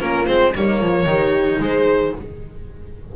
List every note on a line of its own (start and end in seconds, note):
0.00 0.28 A#3
0.00 0.27 C#4
0.00 0.54 F4
0.00 0.26 A#4
0.26 0.55 G#3
0.26 0.54 C4
0.26 0.53 C5
0.55 0.81 G3
0.55 1.06 A#3
0.55 0.80 D#4
0.55 1.62 C#5
0.80 1.05 F3
0.80 1.07 F4
1.05 1.58 D#3
1.05 2.12 D#4
1.05 1.62 G4
1.60 2.13 G#3
1.60 2.15 G#4
1.60 2.16 C5